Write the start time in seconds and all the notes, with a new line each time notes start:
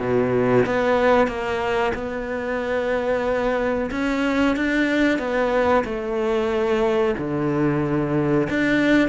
0.00 B2
0.66 B3
1.27 A#3
1.94 B3
3.91 C#4
4.56 D4
5.18 B3
5.85 A3
7.18 D3
8.50 D4